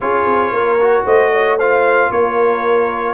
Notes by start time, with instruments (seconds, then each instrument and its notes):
0.00 tuba C#4, trombone F4, horn G#4, trumpet C#5
0.25 tuba C4
0.51 tuba A#3, horn A#4
0.80 trombone F#4
1.04 tuba A3, horn C5, trumpet D#5
1.32 horn C#5
1.57 trombone F4, horn C5, trumpet F5
2.11 tuba A#3, horn A#4, trumpet C#5